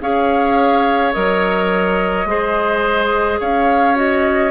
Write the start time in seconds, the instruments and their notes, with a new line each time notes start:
0.00 bassoon C#4, clarinet G#4, oboe C#5, flute F5
1.13 bassoon F#3, clarinet A#4, flute D#5
2.25 bassoon G#3, clarinet G#4, oboe C5
3.39 bassoon C#4, oboe C#5, flute F5
3.95 clarinet F#4, flute D#5